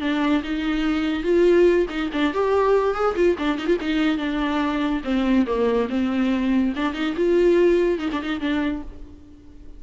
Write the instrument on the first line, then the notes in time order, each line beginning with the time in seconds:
viola
0.00 D4
0.43 D#4
1.23 F4
1.89 D#4
2.12 D4
2.33 G4
2.94 G#4
3.15 F4
3.38 D4
3.58 D#4
3.66 F4
3.80 D#4
4.17 D4
5.04 C4
5.46 A#3
5.89 C4
6.76 D4
6.93 D#4
7.16 F4
7.98 D#4
8.11 D4
8.22 D#4
8.40 D4